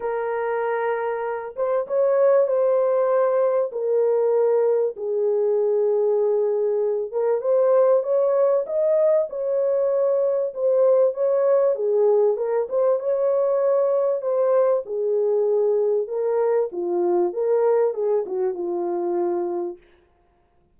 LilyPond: \new Staff \with { instrumentName = "horn" } { \time 4/4 \tempo 4 = 97 ais'2~ ais'8 c''8 cis''4 | c''2 ais'2 | gis'2.~ gis'8 ais'8 | c''4 cis''4 dis''4 cis''4~ |
cis''4 c''4 cis''4 gis'4 | ais'8 c''8 cis''2 c''4 | gis'2 ais'4 f'4 | ais'4 gis'8 fis'8 f'2 | }